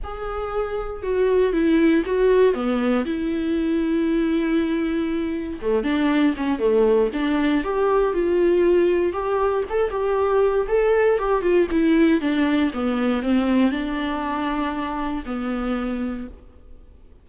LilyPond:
\new Staff \with { instrumentName = "viola" } { \time 4/4 \tempo 4 = 118 gis'2 fis'4 e'4 | fis'4 b4 e'2~ | e'2. a8 d'8~ | d'8 cis'8 a4 d'4 g'4 |
f'2 g'4 a'8 g'8~ | g'4 a'4 g'8 f'8 e'4 | d'4 b4 c'4 d'4~ | d'2 b2 | }